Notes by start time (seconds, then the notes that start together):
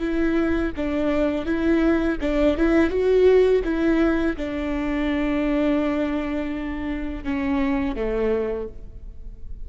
0.00 E4
0.77 D4
1.46 E4
2.21 D4
2.57 E4
2.90 F#4
3.64 E4
4.37 D4
7.24 C#4
7.96 A3